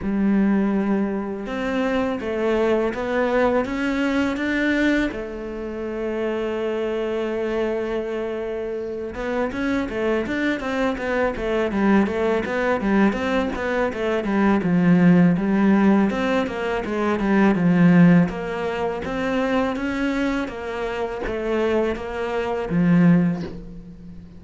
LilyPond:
\new Staff \with { instrumentName = "cello" } { \time 4/4 \tempo 4 = 82 g2 c'4 a4 | b4 cis'4 d'4 a4~ | a1~ | a8 b8 cis'8 a8 d'8 c'8 b8 a8 |
g8 a8 b8 g8 c'8 b8 a8 g8 | f4 g4 c'8 ais8 gis8 g8 | f4 ais4 c'4 cis'4 | ais4 a4 ais4 f4 | }